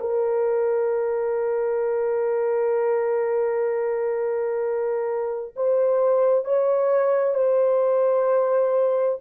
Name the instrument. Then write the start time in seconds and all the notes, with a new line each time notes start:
horn
0.00 A#4
5.56 C5
6.44 C#5
7.34 C5